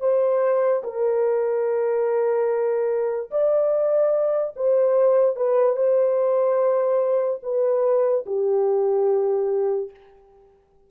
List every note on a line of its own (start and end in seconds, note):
0.00 0.82 C5
0.84 3.30 A#4
3.31 4.54 D5
4.56 5.36 C5
5.36 5.76 B4
5.76 7.40 C5
7.43 8.25 B4
8.26 9.90 G4